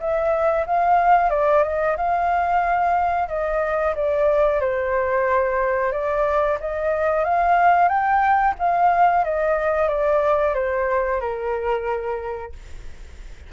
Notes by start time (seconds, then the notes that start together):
0.00 E5
0.67 F5
1.30 D5
1.63 D#5
1.97 F5
3.29 D#5
3.95 D5
4.61 C5
5.92 D5
6.60 D#5
7.24 F5
7.89 G5
8.59 F5
9.25 D#5
9.89 D5
10.55 C5
11.21 A#4